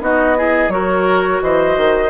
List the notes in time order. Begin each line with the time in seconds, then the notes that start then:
0.00 B3 D#4 F#4 D#5
0.36 E4 G#4
0.68 F#3 F#4 A#4 C#5
1.42 E3 C5 D#5
1.76 D#3